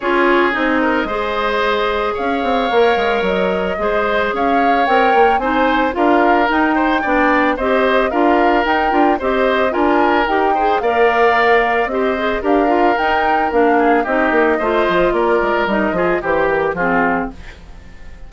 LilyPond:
<<
  \new Staff \with { instrumentName = "flute" } { \time 4/4 \tempo 4 = 111 cis''4 dis''2. | f''2 dis''2 | f''4 g''4 gis''4 f''4 | g''2 dis''4 f''4 |
g''4 dis''4 gis''4 g''4 | f''2 dis''4 f''4 | g''4 f''4 dis''2 | d''4 dis''4 c''8 ais'8 gis'4 | }
  \new Staff \with { instrumentName = "oboe" } { \time 4/4 gis'4. ais'8 c''2 | cis''2. c''4 | cis''2 c''4 ais'4~ | ais'8 c''8 d''4 c''4 ais'4~ |
ais'4 c''4 ais'4. c''8 | d''2 c''4 ais'4~ | ais'4. gis'8 g'4 c''4 | ais'4. gis'8 g'4 f'4 | }
  \new Staff \with { instrumentName = "clarinet" } { \time 4/4 f'4 dis'4 gis'2~ | gis'4 ais'2 gis'4~ | gis'4 ais'4 dis'4 f'4 | dis'4 d'4 g'4 f'4 |
dis'8 f'8 g'4 f'4 g'8 gis'8 | ais'2 g'8 gis'8 g'8 f'8 | dis'4 d'4 dis'4 f'4~ | f'4 dis'8 f'8 g'4 c'4 | }
  \new Staff \with { instrumentName = "bassoon" } { \time 4/4 cis'4 c'4 gis2 | cis'8 c'8 ais8 gis8 fis4 gis4 | cis'4 c'8 ais8 c'4 d'4 | dis'4 b4 c'4 d'4 |
dis'8 d'8 c'4 d'4 dis'4 | ais2 c'4 d'4 | dis'4 ais4 c'8 ais8 a8 f8 | ais8 gis8 g8 f8 e4 f4 | }
>>